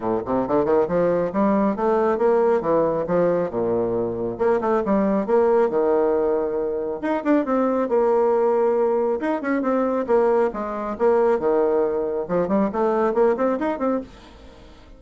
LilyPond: \new Staff \with { instrumentName = "bassoon" } { \time 4/4 \tempo 4 = 137 ais,8 c8 d8 dis8 f4 g4 | a4 ais4 e4 f4 | ais,2 ais8 a8 g4 | ais4 dis2. |
dis'8 d'8 c'4 ais2~ | ais4 dis'8 cis'8 c'4 ais4 | gis4 ais4 dis2 | f8 g8 a4 ais8 c'8 dis'8 c'8 | }